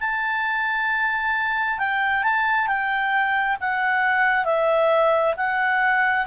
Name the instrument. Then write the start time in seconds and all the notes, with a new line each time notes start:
clarinet
0.00 A5
1.79 G5
2.23 A5
2.67 G5
3.60 F#5
4.45 E5
5.37 F#5